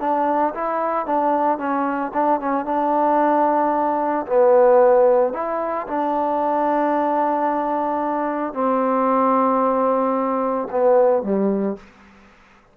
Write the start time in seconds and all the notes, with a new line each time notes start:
0.00 D4
0.55 E4
1.06 D4
1.58 C#4
2.14 D4
2.40 C#4
2.65 D4
4.27 B3
5.33 E4
5.87 D4
8.54 C4
10.71 B3
11.23 G3